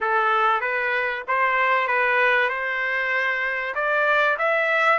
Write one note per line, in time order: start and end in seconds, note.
0.01 0.61 A4
0.61 1.23 B4
1.27 1.87 C5
1.87 2.49 B4
2.49 3.74 C5
3.74 4.37 D5
4.38 4.98 E5